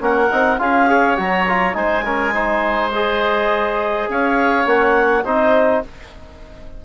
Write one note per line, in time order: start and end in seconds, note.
0.00 0.30 A#3
0.00 0.29 C#4
0.00 0.61 A#4
0.00 0.59 F#5
0.32 0.60 C4
0.32 0.59 D#4
0.59 1.18 C#4
0.59 0.88 F4
0.59 0.90 G#4
0.59 1.17 F5
0.88 1.17 G#4
0.88 1.77 C#5
1.17 1.75 F#3
1.17 1.46 F#4
1.17 1.75 A#5
1.48 1.73 F4
1.73 4.08 G#3
1.73 2.03 D#4
1.73 2.05 C5
1.73 2.91 G#5
2.05 2.34 C#4
2.05 2.34 A#4
2.34 2.93 D#4
2.34 4.09 C5
2.93 4.66 G#4
2.93 4.09 D#5
4.09 4.66 C#4
4.09 5.25 C#5
4.09 4.68 F5
4.66 5.24 A#3
4.66 5.24 C#4
4.66 5.25 F#5
5.25 5.84 C4
5.25 5.85 D#4
5.25 5.83 C5
5.25 5.83 D#5